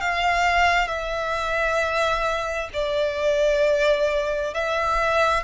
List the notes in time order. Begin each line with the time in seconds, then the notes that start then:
0.00 F5
0.87 E5
2.73 D5
4.54 E5